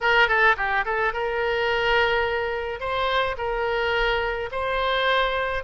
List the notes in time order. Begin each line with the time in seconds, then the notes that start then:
0.00 A#4
0.28 A4
0.56 G4
0.85 A4
1.13 A#4
2.80 C5
3.37 A#4
4.51 C5